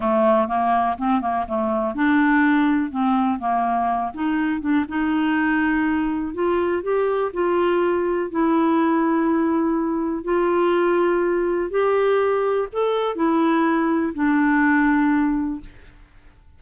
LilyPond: \new Staff \with { instrumentName = "clarinet" } { \time 4/4 \tempo 4 = 123 a4 ais4 c'8 ais8 a4 | d'2 c'4 ais4~ | ais8 dis'4 d'8 dis'2~ | dis'4 f'4 g'4 f'4~ |
f'4 e'2.~ | e'4 f'2. | g'2 a'4 e'4~ | e'4 d'2. | }